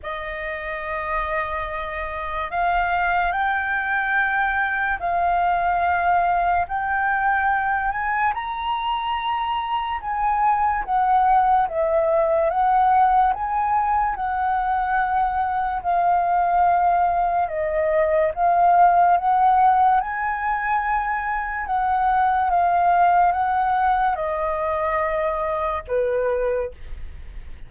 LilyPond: \new Staff \with { instrumentName = "flute" } { \time 4/4 \tempo 4 = 72 dis''2. f''4 | g''2 f''2 | g''4. gis''8 ais''2 | gis''4 fis''4 e''4 fis''4 |
gis''4 fis''2 f''4~ | f''4 dis''4 f''4 fis''4 | gis''2 fis''4 f''4 | fis''4 dis''2 b'4 | }